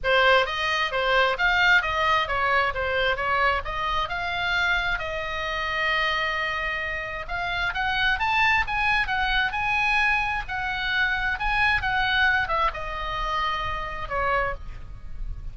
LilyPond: \new Staff \with { instrumentName = "oboe" } { \time 4/4 \tempo 4 = 132 c''4 dis''4 c''4 f''4 | dis''4 cis''4 c''4 cis''4 | dis''4 f''2 dis''4~ | dis''1 |
f''4 fis''4 a''4 gis''4 | fis''4 gis''2 fis''4~ | fis''4 gis''4 fis''4. e''8 | dis''2. cis''4 | }